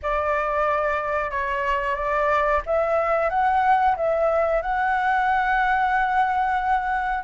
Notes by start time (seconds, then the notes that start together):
0.02 D5
1.30 C#5
1.95 D5
2.66 E5
3.29 F#5
3.96 E5
4.62 F#5